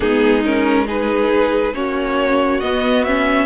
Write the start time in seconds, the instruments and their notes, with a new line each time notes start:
0.00 cello G#3, viola B3, violin D#4 G#4
0.44 viola C#4, violin A#4
0.86 viola D#4, violin G#4 B4
1.74 cello A#3, viola C#4, violin F#4 C#5
2.60 cello B3, viola B3, violin D#5
3.04 viola C#4, violin E5